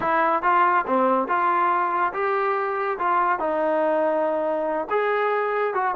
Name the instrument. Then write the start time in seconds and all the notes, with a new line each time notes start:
trombone
0.00 E4
0.42 F4
0.86 C4
1.27 F4
2.13 G4
2.98 F4
3.39 D#4
4.90 G#4
5.73 F#4